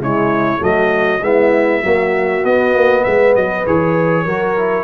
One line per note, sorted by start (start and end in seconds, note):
0.00 0.61 C#3
0.00 0.59 G#3
0.00 0.60 E4
0.00 0.64 C#5
0.59 1.21 F#3
0.59 1.20 A3
0.59 1.21 F#4
0.59 1.24 D#5
1.21 1.82 G#3
1.21 1.82 B3
1.21 1.82 E4
1.21 2.45 E5
1.82 2.43 F#3
1.82 2.44 A#3
1.82 3.03 F#4
2.44 2.75 B3
2.44 3.66 B3
2.44 3.04 D#5
2.75 3.05 A#3
3.04 3.36 G#3
3.04 4.25 B4
3.04 3.34 E5
3.36 3.66 F#3
3.36 3.66 D#5
3.66 4.26 E3
3.66 4.27 G#4
3.66 4.84 C#5
4.25 4.84 F#3
4.25 4.57 F#4
4.25 4.84 A#4
4.57 4.84 E4